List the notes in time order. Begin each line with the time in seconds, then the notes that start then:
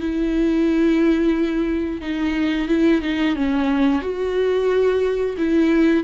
0.00 E4
2.01 D#4
2.68 E4
3.02 D#4
3.36 C#4
4.01 F#4
5.37 E4